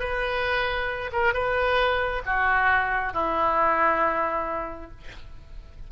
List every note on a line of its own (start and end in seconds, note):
0.00 1.11 B4
1.13 1.34 A#4
1.34 2.23 B4
2.26 3.14 F#4
3.14 4.91 E4